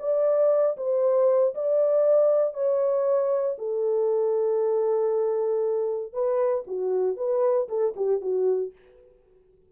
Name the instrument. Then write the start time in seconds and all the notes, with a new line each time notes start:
horn
0.00 D5
0.78 C5
1.55 D5
2.54 C#5
3.59 A4
6.13 B4
6.68 F#4
7.17 B4
7.69 A4
7.97 G4
8.21 F#4